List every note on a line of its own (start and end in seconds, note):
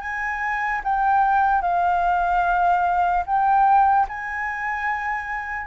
0.00 0.81 G#5
0.83 1.61 G5
1.61 3.24 F5
3.25 4.07 G5
4.08 5.66 G#5